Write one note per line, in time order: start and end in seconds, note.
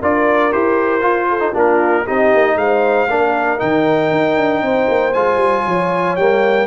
0.00 0.53 D4
0.00 0.52 F4
0.00 1.28 A#4
0.00 0.52 D5
0.52 1.02 E4
0.52 1.01 G4
0.52 1.55 C5
1.01 1.39 F4
1.01 1.53 F4
1.29 1.53 A4
1.39 1.52 D#4
1.53 2.06 A#3
1.53 2.05 D4
1.53 2.04 F4
1.53 2.07 A#4
2.04 2.34 C4
2.04 3.08 D#4
2.04 2.55 G4
2.04 2.58 D#5
2.34 2.56 A#3
2.56 3.07 G#3
2.56 3.10 C5
2.56 3.60 F5
3.09 3.61 A#3
3.09 3.58 D4
3.09 4.64 A#4
3.58 4.11 D#3
3.58 5.12 D#4
3.58 5.13 G5
4.11 4.36 D#4
4.36 4.62 D4
4.62 4.87 C4
4.62 5.62 C5
4.88 5.14 A#3
5.13 5.36 G#3
5.13 6.18 F4
5.13 6.16 G#5
5.36 5.62 G3
5.62 6.16 F3
5.62 6.65 C#5
6.16 6.67 G3
6.16 6.67 A#3
6.16 6.67 G5